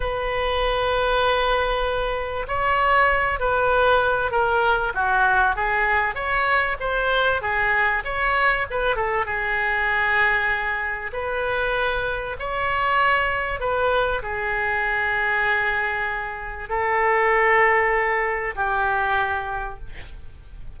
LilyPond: \new Staff \with { instrumentName = "oboe" } { \time 4/4 \tempo 4 = 97 b'1 | cis''4. b'4. ais'4 | fis'4 gis'4 cis''4 c''4 | gis'4 cis''4 b'8 a'8 gis'4~ |
gis'2 b'2 | cis''2 b'4 gis'4~ | gis'2. a'4~ | a'2 g'2 | }